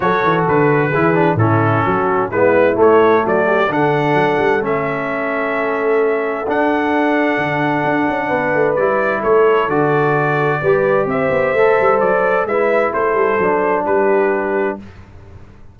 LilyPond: <<
  \new Staff \with { instrumentName = "trumpet" } { \time 4/4 \tempo 4 = 130 cis''4 b'2 a'4~ | a'4 b'4 cis''4 d''4 | fis''2 e''2~ | e''2 fis''2~ |
fis''2. d''4 | cis''4 d''2. | e''2 d''4 e''4 | c''2 b'2 | }
  \new Staff \with { instrumentName = "horn" } { \time 4/4 a'2 gis'4 e'4 | fis'4 e'2 fis'8 g'8 | a'1~ | a'1~ |
a'2 b'2 | a'2. b'4 | c''2. b'4 | a'2 g'2 | }
  \new Staff \with { instrumentName = "trombone" } { \time 4/4 fis'2 e'8 d'8 cis'4~ | cis'4 b4 a2 | d'2 cis'2~ | cis'2 d'2~ |
d'2. e'4~ | e'4 fis'2 g'4~ | g'4 a'2 e'4~ | e'4 d'2. | }
  \new Staff \with { instrumentName = "tuba" } { \time 4/4 fis8 e8 d4 e4 a,4 | fis4 gis4 a4 fis4 | d4 fis8 g8 a2~ | a2 d'2 |
d4 d'8 cis'8 b8 a8 g4 | a4 d2 g4 | c'8 b8 a8 g8 fis4 gis4 | a8 g8 fis4 g2 | }
>>